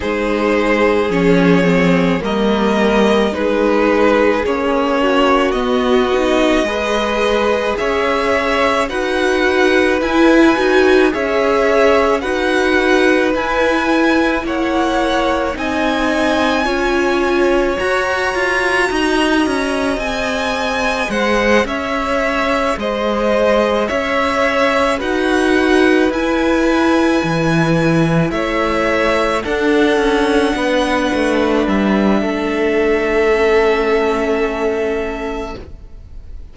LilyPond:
<<
  \new Staff \with { instrumentName = "violin" } { \time 4/4 \tempo 4 = 54 c''4 cis''4 dis''4 b'4 | cis''4 dis''2 e''4 | fis''4 gis''4 e''4 fis''4 | gis''4 fis''4 gis''2 |
ais''2 gis''4 fis''8 e''8~ | e''8 dis''4 e''4 fis''4 gis''8~ | gis''4. e''4 fis''4.~ | fis''8 e''2.~ e''8 | }
  \new Staff \with { instrumentName = "violin" } { \time 4/4 gis'2 ais'4 gis'4~ | gis'8 fis'4. b'4 cis''4 | b'2 cis''4 b'4~ | b'4 cis''4 dis''4 cis''4~ |
cis''4 dis''2 c''8 cis''8~ | cis''8 c''4 cis''4 b'4.~ | b'4. cis''4 a'4 b'8~ | b'4 a'2. | }
  \new Staff \with { instrumentName = "viola" } { \time 4/4 dis'4 cis'8 c'8 ais4 dis'4 | cis'4 b8 dis'8 gis'2 | fis'4 e'8 fis'8 gis'4 fis'4 | e'2 dis'4 f'4 |
fis'2 gis'2~ | gis'2~ gis'8 fis'4 e'8~ | e'2~ e'8 d'4.~ | d'2 cis'2 | }
  \new Staff \with { instrumentName = "cello" } { \time 4/4 gis4 f4 g4 gis4 | ais4 b4 gis4 cis'4 | dis'4 e'8 dis'8 cis'4 dis'4 | e'4 ais4 c'4 cis'4 |
fis'8 f'8 dis'8 cis'8 c'4 gis8 cis'8~ | cis'8 gis4 cis'4 dis'4 e'8~ | e'8 e4 a4 d'8 cis'8 b8 | a8 g8 a2. | }
>>